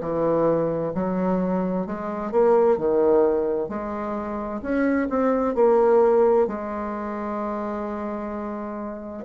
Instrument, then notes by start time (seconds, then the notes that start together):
bassoon
0.00 E3
0.94 F#3
1.86 G#3
2.31 A#3
2.77 D#3
3.68 G#3
4.62 C#4
5.09 C4
5.54 A#3
6.47 G#3